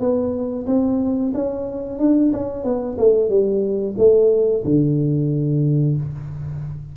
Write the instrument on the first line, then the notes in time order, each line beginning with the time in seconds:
tuba
0.00 B3
0.67 C4
1.34 C#4
1.99 D4
2.33 C#4
2.64 B3
2.98 A3
3.29 G3
3.98 A3
4.64 D3